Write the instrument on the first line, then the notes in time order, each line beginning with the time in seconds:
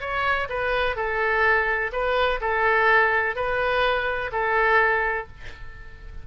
oboe
0.00 C#5
0.49 B4
0.96 A4
1.92 B4
2.40 A4
3.35 B4
4.32 A4